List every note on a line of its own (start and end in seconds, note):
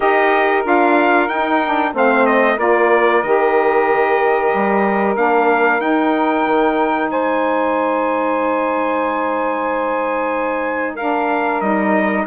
0.00 0.65 D#4
0.00 0.63 G4
0.00 1.92 A#4
0.00 0.65 D#5
0.63 1.28 D4
0.63 1.28 F4
0.63 1.28 F5
1.28 1.93 D#4
1.28 1.62 D#4
1.28 1.92 G5
1.64 1.94 D4
1.93 2.58 A3
1.93 2.57 C4
1.93 2.55 C5
1.93 2.25 F5
2.25 2.58 D#5
2.55 3.23 A#3
2.55 3.22 F4
2.55 7.07 A#4
2.55 3.22 D5
3.22 4.52 D#3
3.22 5.15 G4
3.22 5.15 D#5
4.53 5.16 G3
5.15 5.79 A#3
5.15 5.79 D4
5.15 5.81 F5
5.79 6.43 D#4
5.79 10.97 D#4
5.79 7.10 G5
6.46 7.10 D#3
7.10 11.60 G#3
7.10 10.94 C5
7.10 10.96 G#5
10.94 11.63 D4
10.94 12.23 A#4
10.94 11.60 F5
11.60 12.25 G3
11.60 12.26 D#4
11.60 12.25 D#5